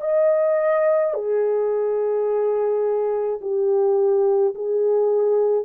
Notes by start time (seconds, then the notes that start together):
0.00 D#5
1.14 G#4
3.41 G4
4.54 G#4